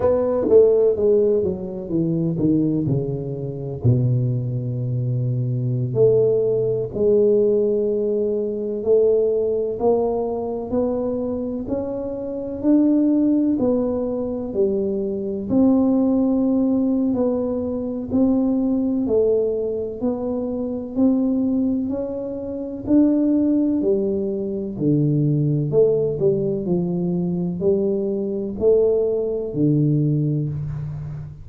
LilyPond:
\new Staff \with { instrumentName = "tuba" } { \time 4/4 \tempo 4 = 63 b8 a8 gis8 fis8 e8 dis8 cis4 | b,2~ b,16 a4 gis8.~ | gis4~ gis16 a4 ais4 b8.~ | b16 cis'4 d'4 b4 g8.~ |
g16 c'4.~ c'16 b4 c'4 | a4 b4 c'4 cis'4 | d'4 g4 d4 a8 g8 | f4 g4 a4 d4 | }